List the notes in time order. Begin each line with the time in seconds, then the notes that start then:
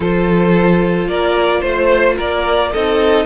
0.00 F3 F4 A4 C5
1.07 A#3 A#4 D5
1.60 A3 C5
2.17 A#3 A#4 D5
2.72 C4 D#4 A4 D#5